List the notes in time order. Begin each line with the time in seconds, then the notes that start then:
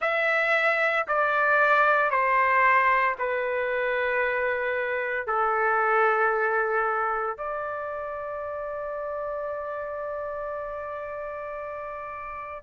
0.00 E5
1.07 D5
2.10 C5
3.19 B4
5.26 A4
7.37 D5